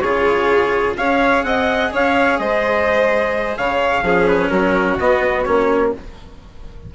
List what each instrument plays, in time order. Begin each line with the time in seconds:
0.00 bassoon C#3, cello F4, violin G#4, trumpet C#5
0.97 bassoon C#4, cello G#4, violin C#5, trumpet F5
1.44 bassoon C4, violin D#5, trumpet F#5
1.93 bassoon C#4, violin C#5, trumpet F5
2.39 bassoon G#3, violin C5, trumpet D#5
3.57 bassoon C#3, violin C#5, trumpet F5
4.02 bassoon F3, cello C#4, violin G#4
4.28 trumpet B4
4.50 bassoon F#3, violin F#4, trumpet A#4
4.99 bassoon B3, cello B3, trumpet D#5
5.44 bassoon A#3, cello C#4, trumpet C#5